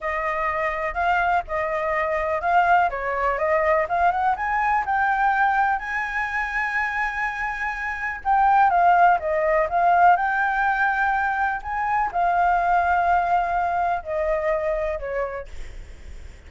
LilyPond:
\new Staff \with { instrumentName = "flute" } { \time 4/4 \tempo 4 = 124 dis''2 f''4 dis''4~ | dis''4 f''4 cis''4 dis''4 | f''8 fis''8 gis''4 g''2 | gis''1~ |
gis''4 g''4 f''4 dis''4 | f''4 g''2. | gis''4 f''2.~ | f''4 dis''2 cis''4 | }